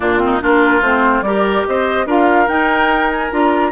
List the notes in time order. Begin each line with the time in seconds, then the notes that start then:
0.00 A#2 A#3 D4 F4
0.18 C4
0.25 D#4
0.40 A#3 D4 F4 A#4
0.81 A3 C4 C5
1.21 G3 G4 A#4 D5
1.66 C4 C5 D#5
2.06 D4 F4 A#4 F5
2.47 D#4 G5
3.10 G#5
3.30 D4 F4 A#5